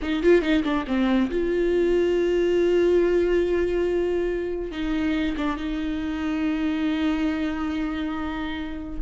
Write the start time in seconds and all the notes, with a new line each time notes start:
0.02 D#4
0.22 F4
0.41 D#4
0.63 D4
0.87 C4
1.30 F4
4.71 D#4
5.37 D4
5.56 D#4